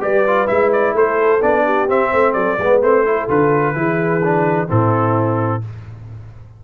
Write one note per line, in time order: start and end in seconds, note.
0.00 0.47 G3
0.00 0.23 G4
0.00 0.95 B4
0.00 0.47 D5
0.27 0.47 F4
0.47 0.93 G#3
0.47 1.40 E4
0.47 0.71 E5
0.72 0.96 D5
0.93 1.40 A3
0.93 1.64 A4
0.93 1.42 C5
1.42 1.89 B3
1.42 1.87 D4
1.42 1.89 D5
1.64 2.09 G4
1.87 2.58 C4
1.87 2.12 C4
1.87 2.33 E5
2.09 2.34 A3
2.09 2.33 C5
2.33 2.57 F#3
2.33 2.58 A4
2.33 2.79 D5
2.58 2.81 G#3
2.58 2.82 B3
2.58 3.05 B4
2.82 3.28 A3
2.82 3.05 C4
2.82 3.29 C5
3.05 3.28 E4
3.05 3.76 A4
3.28 3.75 D3
3.28 3.74 F4
3.28 4.69 B4
3.74 4.69 E3
3.74 4.21 E4
3.74 4.68 G#4
4.23 4.67 D4
4.67 5.64 A2
4.67 5.61 C4
4.67 5.62 E4
4.67 5.63 A4